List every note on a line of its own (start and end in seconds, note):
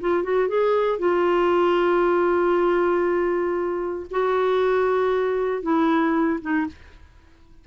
0.00 0.23 F4
0.23 0.48 F#4
0.48 0.98 G#4
0.98 4.06 F4
4.10 5.62 F#4
5.62 6.39 E4
6.41 6.66 D#4